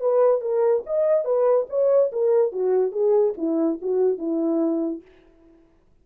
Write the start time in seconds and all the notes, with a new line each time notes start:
0.00 B4
0.41 A#4
0.86 D#5
1.24 B4
1.69 C#5
2.12 A#4
2.52 F#4
2.91 G#4
3.37 E4
3.81 F#4
4.18 E4